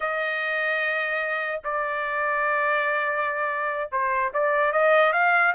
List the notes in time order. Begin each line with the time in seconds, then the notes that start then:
0.00 D#5
1.64 D5
3.91 C5
4.33 D5
4.72 D#5
5.13 F5